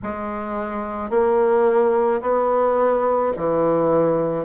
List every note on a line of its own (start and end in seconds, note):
0.03 1.10 G#3
1.10 2.21 A#3
2.21 3.32 B3
3.36 4.44 E3